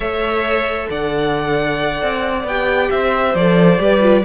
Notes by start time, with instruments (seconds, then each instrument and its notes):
0.00 cello A3, viola A4, violin C#5 E5
0.89 cello D3, violin D5 F#5
2.02 cello C4
2.44 cello B3, viola G4, violin G5
2.90 cello C4, violin C5 E5
3.34 cello F3, viola A4, violin D5
3.78 cello G3, viola G4, violin B4
4.00 viola F4